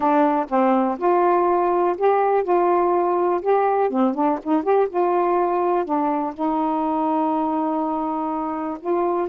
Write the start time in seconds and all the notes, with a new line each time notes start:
0.00 D4
0.49 C4
0.98 F4
1.97 G4
2.43 F4
3.41 G4
3.90 C4
4.14 D4
4.43 D#4
4.63 G4
4.89 F4
5.84 D4
6.34 D#4
8.80 F4